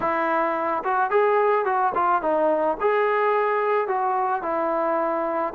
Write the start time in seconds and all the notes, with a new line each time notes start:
0.00 E4
0.84 F#4
1.10 G#4
1.65 F#4
1.94 F4
2.21 D#4
2.80 G#4
3.87 F#4
4.42 E4